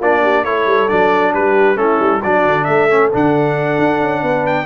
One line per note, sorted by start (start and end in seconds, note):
0.00 0.44 A#3
0.00 0.45 D4
0.00 0.22 F4
0.00 0.44 D5
0.22 0.45 G4
0.44 0.66 A3
0.44 0.89 E4
0.44 1.34 A4
0.44 0.88 C#5
0.66 0.88 G3
0.88 1.34 F#3
0.88 1.76 D4
0.88 1.33 D5
1.34 1.76 G3
1.34 1.79 G4
1.34 1.77 B4
1.76 1.98 A3
1.76 2.20 C#4
1.76 2.21 E4
1.76 2.22 A4
2.00 2.22 G3
2.21 2.46 F#3
2.21 2.90 D4
2.21 2.66 F#4
2.21 2.64 D5
2.46 2.68 D3
2.64 3.12 A3
2.64 4.22 A4
2.64 3.09 E5
2.90 3.12 C#4
3.13 3.78 D3
3.13 4.66 D4
3.13 4.46 F#5
3.78 4.00 D4
4.00 4.22 C#4
4.22 4.66 B3
4.22 4.66 B4
4.46 4.66 G5